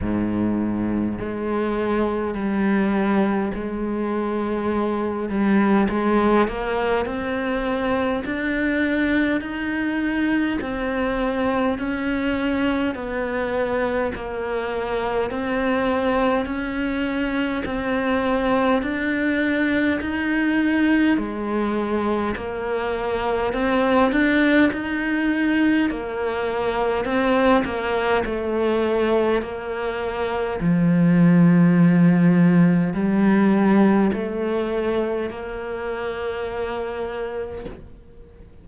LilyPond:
\new Staff \with { instrumentName = "cello" } { \time 4/4 \tempo 4 = 51 gis,4 gis4 g4 gis4~ | gis8 g8 gis8 ais8 c'4 d'4 | dis'4 c'4 cis'4 b4 | ais4 c'4 cis'4 c'4 |
d'4 dis'4 gis4 ais4 | c'8 d'8 dis'4 ais4 c'8 ais8 | a4 ais4 f2 | g4 a4 ais2 | }